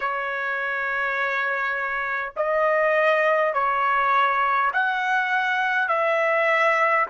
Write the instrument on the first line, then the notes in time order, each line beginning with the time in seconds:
trumpet
0.00 C#5
2.36 D#5
3.53 C#5
4.73 F#5
5.88 E5